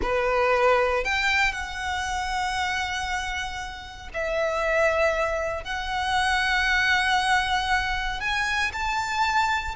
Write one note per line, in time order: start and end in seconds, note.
0.02 1.04 B4
1.04 1.52 G5
1.52 4.09 F#5
4.13 5.63 E5
5.63 8.20 F#5
8.20 8.71 G#5
8.72 9.75 A5